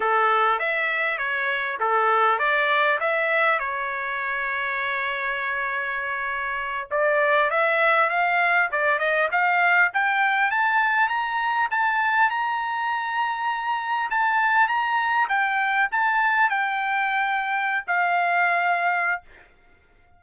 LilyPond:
\new Staff \with { instrumentName = "trumpet" } { \time 4/4 \tempo 4 = 100 a'4 e''4 cis''4 a'4 | d''4 e''4 cis''2~ | cis''2.~ cis''8 d''8~ | d''8 e''4 f''4 d''8 dis''8 f''8~ |
f''8 g''4 a''4 ais''4 a''8~ | a''8 ais''2. a''8~ | a''8 ais''4 g''4 a''4 g''8~ | g''4.~ g''16 f''2~ f''16 | }